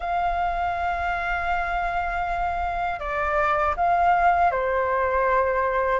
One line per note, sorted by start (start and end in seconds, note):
0.00 2.99 F5
2.99 3.74 D5
3.76 4.51 F5
4.51 5.99 C5